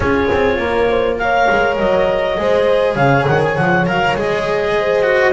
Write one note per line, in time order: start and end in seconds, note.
0.00 0.29 C#4
0.00 1.19 F4
0.00 0.58 G#4
0.00 1.17 C#5
0.32 0.58 C4
0.58 1.47 A#3
0.58 0.88 A#4
0.88 1.18 C5
1.18 2.37 A#4
1.18 2.39 C#5
1.18 1.77 F5
1.50 1.79 G#3
1.77 2.38 F#3
1.77 2.95 D#5
2.37 2.96 G#3
2.37 3.86 G#4
2.37 2.94 C5
2.94 3.25 C#3
2.94 4.73 C#5
2.94 3.25 F5
3.27 3.58 D#3
3.27 3.41 F#5
3.42 3.56 G#5
3.56 3.87 F3
3.56 3.86 F#5
3.86 4.15 F#3
3.86 4.15 A#4
3.86 4.17 F5
4.15 5.33 G#3
4.15 5.03 G#4
4.15 5.33 D#5
4.78 5.33 C5
5.03 5.32 F#4